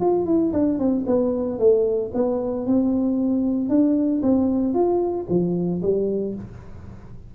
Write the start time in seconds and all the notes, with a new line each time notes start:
0.00 F4
0.25 E4
0.53 D4
0.78 C4
1.06 B3
1.59 A3
2.14 B3
2.66 C4
3.69 D4
4.22 C4
4.73 F4
5.29 F3
5.82 G3